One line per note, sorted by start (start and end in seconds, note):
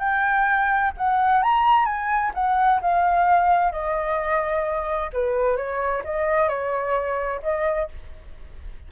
0.00 0.92 G5
0.98 1.43 F#5
1.43 1.86 A#5
1.86 2.32 G#5
2.35 2.81 F#5
2.82 3.72 F5
3.72 5.11 D#5
5.14 5.57 B4
5.57 6.03 C#5
6.05 6.49 D#5
6.49 7.41 C#5
7.43 7.89 D#5